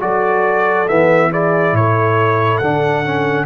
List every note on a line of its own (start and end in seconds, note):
0.00 0.89 F#3
0.00 0.87 F#4
0.00 1.31 A4
0.00 0.88 D5
0.88 1.73 E3
0.88 1.32 B3
0.88 1.32 E5
1.31 2.62 E4
1.31 1.75 G#4
1.31 1.76 D5
1.73 2.60 A2
1.73 3.46 A4
1.73 2.58 C#5
2.58 3.46 D3
2.58 3.05 D4
2.58 3.45 F#5
3.05 3.46 C#4